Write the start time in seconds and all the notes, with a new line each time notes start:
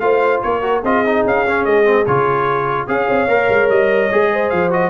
0.00 A3 F4 C5 F5
0.42 A#3 A#4 C#5
0.62 F#4
0.83 C4 F4 G#4 D#5
1.06 D#4
1.26 C#4 F5
1.48 C#4
1.65 G#3 D#5
1.85 C4
2.06 C#3 F4 C#5
2.87 C#4 G#4 C#5 F5
3.09 C4
3.28 A#3 A#4
3.49 G#3
3.70 G3 D#5
4.12 G#3 G#4
4.32 C5
4.50 F3 F5
4.71 F#4 D#5